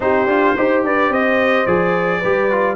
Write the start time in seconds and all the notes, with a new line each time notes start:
0.00 C4 D#4 G4 C5
0.26 D4 F4
0.56 D#4 G4 C5
0.83 D4 B4 D5
1.09 C4 C5 D#5
1.66 F3 G#4 D5
2.19 G3 G4 B4
2.51 F4